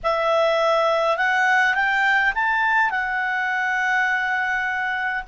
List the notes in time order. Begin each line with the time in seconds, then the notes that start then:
0.03 E5
1.17 F#5
1.74 G5
2.35 A5
2.90 F#5